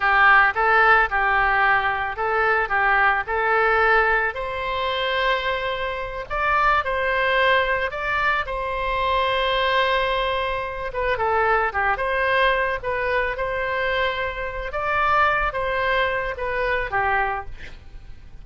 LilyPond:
\new Staff \with { instrumentName = "oboe" } { \time 4/4 \tempo 4 = 110 g'4 a'4 g'2 | a'4 g'4 a'2 | c''2.~ c''8 d''8~ | d''8 c''2 d''4 c''8~ |
c''1 | b'8 a'4 g'8 c''4. b'8~ | b'8 c''2~ c''8 d''4~ | d''8 c''4. b'4 g'4 | }